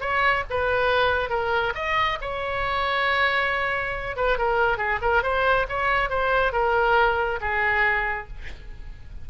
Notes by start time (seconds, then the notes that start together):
0.00 C#5
0.50 B4
1.29 A#4
1.75 D#5
2.21 C#5
4.16 B4
4.38 A#4
4.77 G#4
5.02 A#4
5.23 C5
5.68 C#5
6.09 C5
6.52 A#4
7.41 G#4